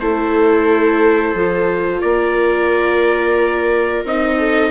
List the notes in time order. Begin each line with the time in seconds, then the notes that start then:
0.00 A3 E4 A4 C5
1.34 F3 F4
2.01 A#3 A#4 D5
4.04 C4 D#4 D#5
4.38 A4